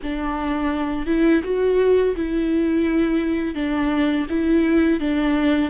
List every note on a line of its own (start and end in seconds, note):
0.02 1.06 D4
1.06 1.42 E4
1.43 2.15 F#4
2.16 3.55 E4
3.55 4.26 D4
4.29 5.00 E4
5.00 5.70 D4